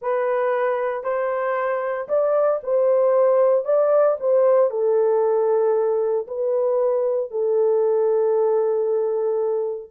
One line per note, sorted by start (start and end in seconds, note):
0.01 1.03 B4
1.03 2.08 C5
2.08 2.60 D5
2.63 3.65 C5
3.65 4.17 D5
4.20 4.70 C5
4.70 6.26 A4
6.27 7.30 B4
7.30 9.90 A4